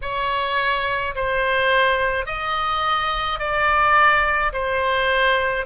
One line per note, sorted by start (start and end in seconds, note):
0.01 1.14 C#5
1.15 2.25 C5
2.25 3.39 D#5
3.39 4.52 D5
4.53 5.66 C5